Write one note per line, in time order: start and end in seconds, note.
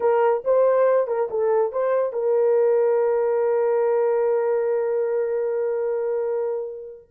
0.00 0.43 A#4
0.44 1.07 C5
1.07 1.29 A#4
1.30 1.72 A4
1.72 2.13 C5
2.13 7.09 A#4